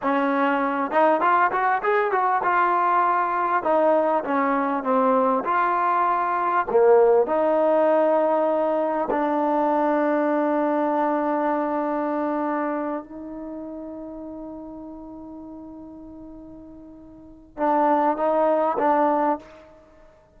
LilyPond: \new Staff \with { instrumentName = "trombone" } { \time 4/4 \tempo 4 = 99 cis'4. dis'8 f'8 fis'8 gis'8 fis'8 | f'2 dis'4 cis'4 | c'4 f'2 ais4 | dis'2. d'4~ |
d'1~ | d'4. dis'2~ dis'8~ | dis'1~ | dis'4 d'4 dis'4 d'4 | }